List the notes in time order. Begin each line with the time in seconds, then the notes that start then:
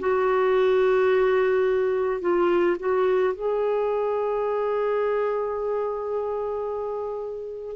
0.00 F#4
2.21 F4
2.80 F#4
3.34 G#4